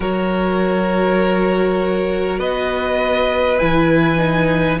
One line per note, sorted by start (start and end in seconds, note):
0.00 2.39 F#3
0.00 3.58 F#4
0.00 2.38 A#4
0.00 2.39 C#5
2.38 3.59 B3
2.38 4.78 B4
2.38 3.58 D#5
3.58 4.80 E3
3.58 4.17 E4
3.58 4.78 G#5
4.17 4.78 D#4